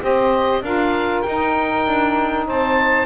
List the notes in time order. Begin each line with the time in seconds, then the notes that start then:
0.00 C4 G4 C5 D#5
0.62 D4 F4 A#4 F5
1.22 D#4 G5
1.86 D4
2.46 C4 C5 A5